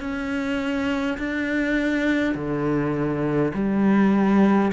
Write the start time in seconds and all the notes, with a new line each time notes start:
0.00 C#4
1.18 D4
2.35 D3
3.54 G3